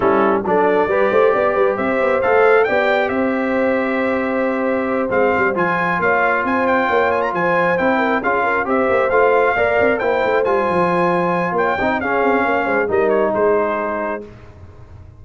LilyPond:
<<
  \new Staff \with { instrumentName = "trumpet" } { \time 4/4 \tempo 4 = 135 a'4 d''2. | e''4 f''4 g''4 e''4~ | e''2.~ e''8 f''8~ | f''8 gis''4 f''4 gis''8 g''4 |
gis''16 ais''16 gis''4 g''4 f''4 e''8~ | e''8 f''2 g''4 gis''8~ | gis''2 g''4 f''4~ | f''4 dis''8 cis''8 c''2 | }
  \new Staff \with { instrumentName = "horn" } { \time 4/4 e'4 a'4 b'8 c''8 d''8 b'8 | c''2 d''4 c''4~ | c''1~ | c''4. cis''4 c''4 cis''8~ |
cis''8 c''4. ais'8 gis'8 ais'8 c''8~ | c''4. d''4 c''4.~ | c''2 cis''8 dis''8 gis'4 | cis''8 c''8 ais'4 gis'2 | }
  \new Staff \with { instrumentName = "trombone" } { \time 4/4 cis'4 d'4 g'2~ | g'4 a'4 g'2~ | g'2.~ g'8 c'8~ | c'8 f'2.~ f'8~ |
f'4. e'4 f'4 g'8~ | g'8 f'4 ais'4 e'4 f'8~ | f'2~ f'8 dis'8 cis'4~ | cis'4 dis'2. | }
  \new Staff \with { instrumentName = "tuba" } { \time 4/4 g4 fis4 g8 a8 b8 g8 | c'8 b8 a4 b4 c'4~ | c'2.~ c'8 gis8 | g8 f4 ais4 c'4 ais8~ |
ais8 f4 c'4 cis'4 c'8 | ais8 a4 ais8 c'8 ais8 a8 g8 | f2 ais8 c'8 cis'8 c'8 | ais8 gis8 g4 gis2 | }
>>